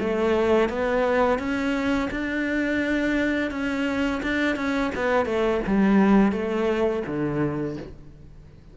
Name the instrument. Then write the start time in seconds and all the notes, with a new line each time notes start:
cello
0.00 A3
0.69 B3
1.39 C#4
2.11 D4
3.51 C#4
4.23 D4
4.56 C#4
4.95 B3
5.26 A3
5.67 G3
6.32 A3
7.07 D3